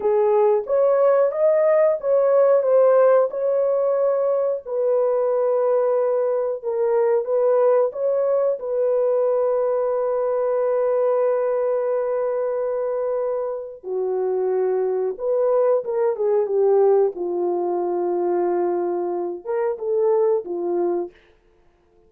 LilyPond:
\new Staff \with { instrumentName = "horn" } { \time 4/4 \tempo 4 = 91 gis'4 cis''4 dis''4 cis''4 | c''4 cis''2 b'4~ | b'2 ais'4 b'4 | cis''4 b'2.~ |
b'1~ | b'4 fis'2 b'4 | ais'8 gis'8 g'4 f'2~ | f'4. ais'8 a'4 f'4 | }